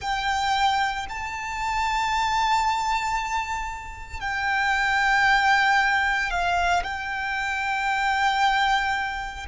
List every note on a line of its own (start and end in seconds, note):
0.00 1.06 G5
1.09 4.20 A5
4.20 6.30 G5
6.30 6.82 F5
6.83 9.46 G5